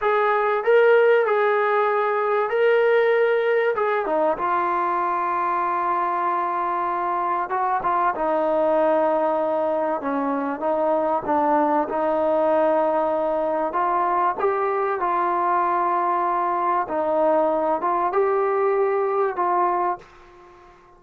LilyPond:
\new Staff \with { instrumentName = "trombone" } { \time 4/4 \tempo 4 = 96 gis'4 ais'4 gis'2 | ais'2 gis'8 dis'8 f'4~ | f'1 | fis'8 f'8 dis'2. |
cis'4 dis'4 d'4 dis'4~ | dis'2 f'4 g'4 | f'2. dis'4~ | dis'8 f'8 g'2 f'4 | }